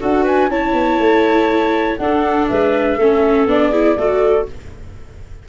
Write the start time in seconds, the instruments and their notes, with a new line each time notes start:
0.00 tuba D4, viola F#4, clarinet A4, flute F#5
0.24 clarinet B4, flute G#5
0.49 tuba C#4, viola E4, clarinet C#5, flute A5
0.74 tuba B3
0.99 tuba A3
1.97 tuba D4, viola D4, clarinet A4, flute F#5
2.48 tuba G#3, clarinet B4, flute E5
2.98 tuba A3, viola C#4, clarinet A4
3.47 tuba B3, viola D4, flute D5
3.70 viola E4, clarinet G#4
3.97 tuba A3, viola F#4, clarinet A4